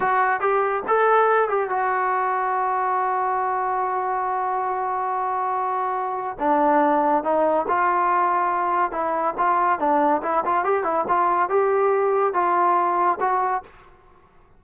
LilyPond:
\new Staff \with { instrumentName = "trombone" } { \time 4/4 \tempo 4 = 141 fis'4 g'4 a'4. g'8 | fis'1~ | fis'1~ | fis'2. d'4~ |
d'4 dis'4 f'2~ | f'4 e'4 f'4 d'4 | e'8 f'8 g'8 e'8 f'4 g'4~ | g'4 f'2 fis'4 | }